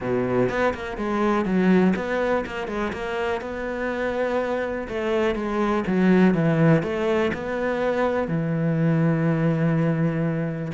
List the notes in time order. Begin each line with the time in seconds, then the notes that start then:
0.00 B2
0.49 B3
0.74 A#3
0.97 G#3
1.45 F#3
1.96 B3
2.45 A#3
2.67 G#3
2.93 A#3
3.41 B3
4.88 A3
5.35 G#3
5.87 F#3
6.34 E3
6.82 A3
7.33 B3
8.28 E3